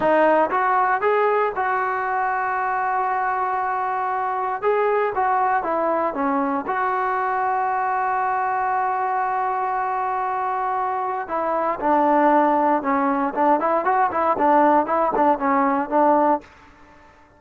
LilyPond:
\new Staff \with { instrumentName = "trombone" } { \time 4/4 \tempo 4 = 117 dis'4 fis'4 gis'4 fis'4~ | fis'1~ | fis'4 gis'4 fis'4 e'4 | cis'4 fis'2.~ |
fis'1~ | fis'2 e'4 d'4~ | d'4 cis'4 d'8 e'8 fis'8 e'8 | d'4 e'8 d'8 cis'4 d'4 | }